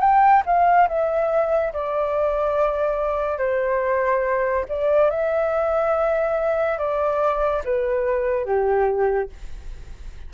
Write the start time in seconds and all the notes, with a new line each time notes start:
0.00 G5
0.46 F5
0.88 E5
1.73 D5
3.38 C5
4.69 D5
5.10 E5
6.78 D5
7.65 B4
8.45 G4